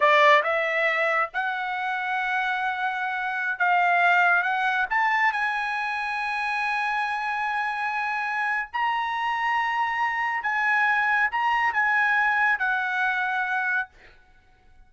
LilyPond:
\new Staff \with { instrumentName = "trumpet" } { \time 4/4 \tempo 4 = 138 d''4 e''2 fis''4~ | fis''1~ | fis''16 f''2 fis''4 a''8.~ | a''16 gis''2.~ gis''8.~ |
gis''1 | ais''1 | gis''2 ais''4 gis''4~ | gis''4 fis''2. | }